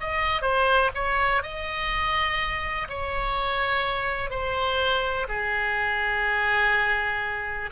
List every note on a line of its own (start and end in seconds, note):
0.00 0.41 D#5
0.41 0.90 C5
0.94 1.42 C#5
1.42 2.87 D#5
2.89 4.30 C#5
4.30 5.27 C5
5.28 7.70 G#4